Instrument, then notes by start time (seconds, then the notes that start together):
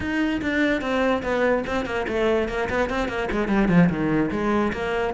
cello
0.00 D#4
0.41 D4
0.81 C4
1.22 B3
1.66 C4
1.85 A#3
2.07 A3
2.48 A#3
2.69 B3
2.89 C4
3.08 A#3
3.31 G#3
3.47 G3
3.68 F3
3.89 D#3
4.31 G#3
4.72 A#3